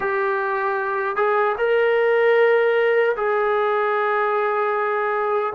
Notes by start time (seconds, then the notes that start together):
0.00 G4
1.16 G#4
1.58 A#4
3.16 G#4